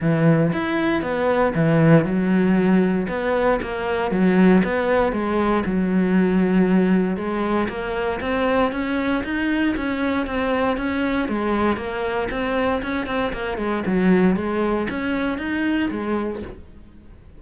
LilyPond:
\new Staff \with { instrumentName = "cello" } { \time 4/4 \tempo 4 = 117 e4 e'4 b4 e4 | fis2 b4 ais4 | fis4 b4 gis4 fis4~ | fis2 gis4 ais4 |
c'4 cis'4 dis'4 cis'4 | c'4 cis'4 gis4 ais4 | c'4 cis'8 c'8 ais8 gis8 fis4 | gis4 cis'4 dis'4 gis4 | }